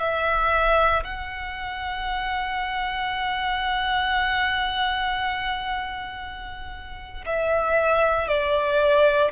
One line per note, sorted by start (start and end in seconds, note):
0.00 1.03 E5
1.04 7.25 F#5
7.26 8.28 E5
8.28 9.32 D5